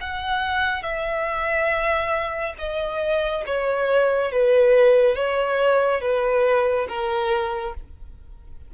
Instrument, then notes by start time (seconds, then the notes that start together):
violin
0.00 F#5
0.82 E5
2.58 D#5
3.46 C#5
4.31 B4
5.15 C#5
6.01 B4
6.88 A#4